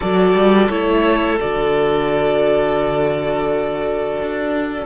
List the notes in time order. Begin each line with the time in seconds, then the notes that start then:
0.00 F#3 F#4 A4 D5
0.34 G3
0.69 A3 E4 C#5
1.40 D3 F#4 D5
4.21 D4